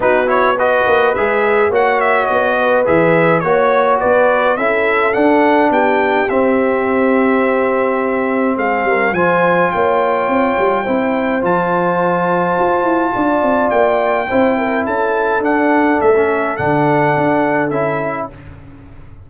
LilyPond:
<<
  \new Staff \with { instrumentName = "trumpet" } { \time 4/4 \tempo 4 = 105 b'8 cis''8 dis''4 e''4 fis''8 e''8 | dis''4 e''4 cis''4 d''4 | e''4 fis''4 g''4 e''4~ | e''2. f''4 |
gis''4 g''2. | a''1 | g''2 a''4 fis''4 | e''4 fis''2 e''4 | }
  \new Staff \with { instrumentName = "horn" } { \time 4/4 fis'4 b'2 cis''4~ | cis''8 b'4. cis''4 b'4 | a'2 g'2~ | g'2. gis'8 ais'8 |
c''4 cis''2 c''4~ | c''2. d''4~ | d''4 c''8 ais'8 a'2~ | a'1 | }
  \new Staff \with { instrumentName = "trombone" } { \time 4/4 dis'8 e'8 fis'4 gis'4 fis'4~ | fis'4 gis'4 fis'2 | e'4 d'2 c'4~ | c'1 |
f'2. e'4 | f'1~ | f'4 e'2 d'4~ | d'16 cis'8. d'2 e'4 | }
  \new Staff \with { instrumentName = "tuba" } { \time 4/4 b4. ais8 gis4 ais4 | b4 e4 ais4 b4 | cis'4 d'4 b4 c'4~ | c'2. gis8 g8 |
f4 ais4 c'8 g8 c'4 | f2 f'8 e'8 d'8 c'8 | ais4 c'4 cis'4 d'4 | a4 d4 d'4 cis'4 | }
>>